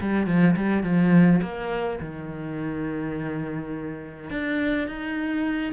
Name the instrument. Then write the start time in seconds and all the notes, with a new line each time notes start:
cello
0.00 G3
0.26 F3
0.56 G3
0.83 F3
1.41 A#3
2.00 D#3
4.30 D4
4.87 D#4